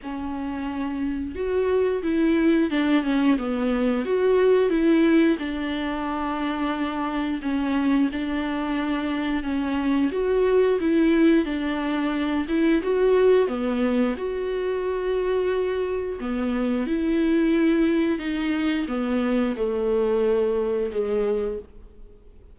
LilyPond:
\new Staff \with { instrumentName = "viola" } { \time 4/4 \tempo 4 = 89 cis'2 fis'4 e'4 | d'8 cis'8 b4 fis'4 e'4 | d'2. cis'4 | d'2 cis'4 fis'4 |
e'4 d'4. e'8 fis'4 | b4 fis'2. | b4 e'2 dis'4 | b4 a2 gis4 | }